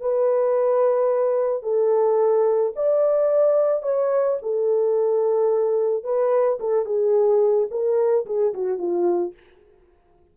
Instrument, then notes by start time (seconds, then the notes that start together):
horn
0.00 B4
1.63 A4
2.76 D5
3.83 C#5
4.42 A4
6.04 B4
6.60 A4
6.85 G#4
7.70 A#4
8.26 G#4
8.54 F#4
8.78 F4